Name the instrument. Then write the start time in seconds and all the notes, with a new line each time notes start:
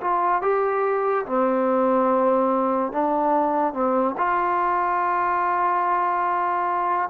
trombone
0.00 F4
0.42 G4
1.25 C4
2.92 D4
3.73 C4
4.17 F4